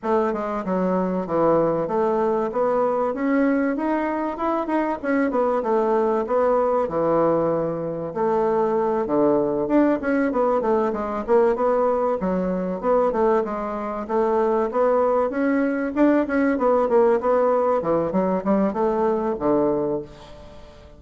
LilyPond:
\new Staff \with { instrumentName = "bassoon" } { \time 4/4 \tempo 4 = 96 a8 gis8 fis4 e4 a4 | b4 cis'4 dis'4 e'8 dis'8 | cis'8 b8 a4 b4 e4~ | e4 a4. d4 d'8 |
cis'8 b8 a8 gis8 ais8 b4 fis8~ | fis8 b8 a8 gis4 a4 b8~ | b8 cis'4 d'8 cis'8 b8 ais8 b8~ | b8 e8 fis8 g8 a4 d4 | }